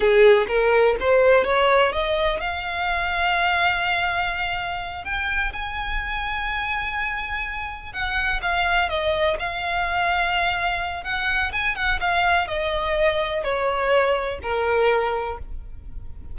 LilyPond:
\new Staff \with { instrumentName = "violin" } { \time 4/4 \tempo 4 = 125 gis'4 ais'4 c''4 cis''4 | dis''4 f''2.~ | f''2~ f''8 g''4 gis''8~ | gis''1~ |
gis''8 fis''4 f''4 dis''4 f''8~ | f''2. fis''4 | gis''8 fis''8 f''4 dis''2 | cis''2 ais'2 | }